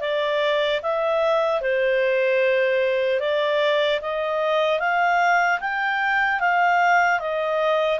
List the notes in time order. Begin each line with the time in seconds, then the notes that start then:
0.00 D5
0.82 E5
1.61 C5
3.20 D5
4.01 D#5
4.79 F5
5.60 G5
6.40 F5
7.19 D#5